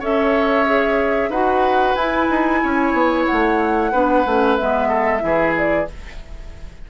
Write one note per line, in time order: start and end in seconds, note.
0.00 1.29 C#4
0.00 0.66 A4
0.00 1.30 C#5
0.00 1.32 E5
0.66 1.31 G#4
1.29 1.94 D#4
1.29 1.98 F#4
1.29 2.60 B4
1.29 1.95 F#5
1.95 2.28 E4
1.95 3.93 E4
1.95 3.26 G#5
2.30 2.63 D#4
2.63 2.93 C#4
2.63 3.92 C#5
2.93 3.26 B3
3.26 4.56 F#5
3.32 3.93 A3
3.92 4.26 B3
3.92 4.25 D4
3.92 4.88 B4
4.26 4.59 A3
4.26 4.58 C#4
4.56 5.23 G#3
4.56 5.20 B3
4.56 5.54 E5
4.88 5.21 A4
5.20 5.88 E3
5.20 5.85 E4
5.20 5.90 G#4
5.57 5.90 D5